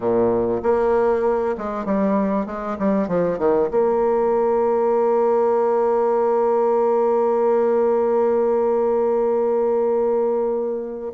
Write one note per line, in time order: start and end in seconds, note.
0.00 0.61 A#2
0.62 1.55 A#3
1.57 1.85 G#3
1.85 2.46 G3
2.46 2.77 G#3
2.78 3.08 G3
3.08 3.38 F3
3.38 3.69 D#3
3.70 11.13 A#3